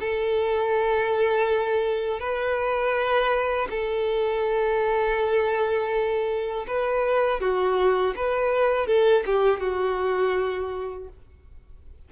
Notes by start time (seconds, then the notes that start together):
0.00 A4
2.20 B4
3.70 A4
6.67 B4
7.40 F#4
8.16 B4
8.87 A4
9.26 G4
9.60 F#4